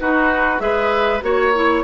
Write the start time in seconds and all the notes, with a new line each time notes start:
0.00 D#4 F#4 B4
0.59 G#3 G#4 B4 E5
1.22 A#3 F#4 C#5
1.55 E4